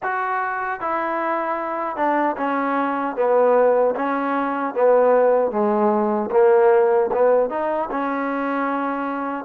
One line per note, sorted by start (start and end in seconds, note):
0.03 0.80 F#4
0.80 1.96 E4
1.96 2.35 D4
2.36 3.15 C#4
3.16 3.95 B3
3.95 4.74 C#4
4.74 5.50 B3
5.50 6.29 G#3
6.31 7.10 A#3
7.12 7.49 B3
7.49 7.89 D#4
7.90 9.44 C#4